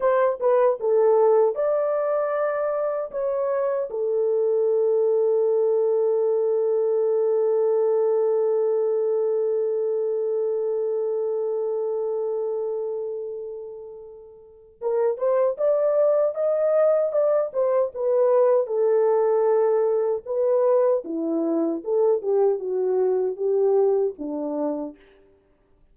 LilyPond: \new Staff \with { instrumentName = "horn" } { \time 4/4 \tempo 4 = 77 c''8 b'8 a'4 d''2 | cis''4 a'2.~ | a'1~ | a'1~ |
a'2. ais'8 c''8 | d''4 dis''4 d''8 c''8 b'4 | a'2 b'4 e'4 | a'8 g'8 fis'4 g'4 d'4 | }